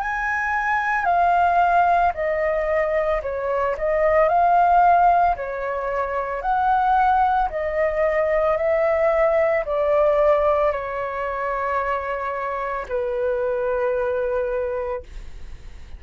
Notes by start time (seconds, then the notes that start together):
0.00 G#5
1.05 F5
2.14 D#5
3.22 C#5
3.77 D#5
4.29 F5
5.36 C#5
6.42 F#5
7.50 D#5
8.57 E5
9.66 D5
10.71 C#5
12.89 B4